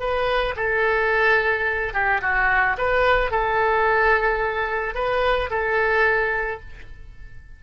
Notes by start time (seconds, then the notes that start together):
0.00 B4
0.56 A4
1.93 G4
2.22 F#4
2.78 B4
3.31 A4
4.95 B4
5.50 A4